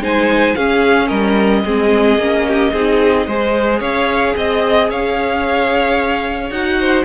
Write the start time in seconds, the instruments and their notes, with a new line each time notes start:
0.00 cello G#3, viola D#4, violin C5 G#5
0.55 viola C#4, cello C#4, violin G#4 F5
1.07 cello G3, violin A#4 D#5
1.65 cello G#3, viola C4, violin G#4
2.17 cello A#3, viola C#4
2.47 violin G4
2.72 cello C4, viola D#4, violin G#4
3.26 cello G#3, viola G#4, violin C5
3.79 cello C#4, violin C#5 F5
4.36 cello C4, violin D#5
4.89 cello C#4, violin C#5 F5
6.50 cello D#4, viola F#4, violin F#5
6.79 violin C5